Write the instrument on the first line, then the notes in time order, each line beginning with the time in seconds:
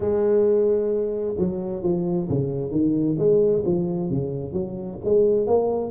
tuba
0.00 G#3
1.38 F#3
1.83 F3
2.29 C#3
2.71 D#3
3.18 G#3
3.65 F3
4.10 C#3
4.52 F#3
5.04 G#3
5.46 A#3